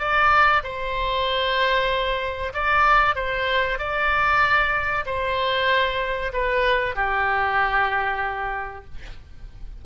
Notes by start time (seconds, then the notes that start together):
0.00 D5
0.64 C5
2.54 D5
3.16 C5
3.79 D5
5.06 C5
6.33 B4
6.96 G4